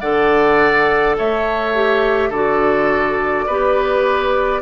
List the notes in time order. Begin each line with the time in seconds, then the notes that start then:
0.00 D3 A4 D5 F#5
1.18 A3 C#5 E5
1.75 G4
2.30 D3 F#4 A4 D5
3.46 B3 G4 B4